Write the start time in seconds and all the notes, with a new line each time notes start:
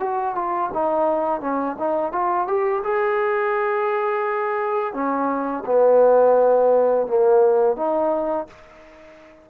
0.00 F#4
0.35 F4
0.73 D#4
1.41 C#4
1.79 D#4
2.12 F4
2.47 G4
2.83 G#4
4.93 C#4
5.66 B3
7.07 A#3
7.76 D#4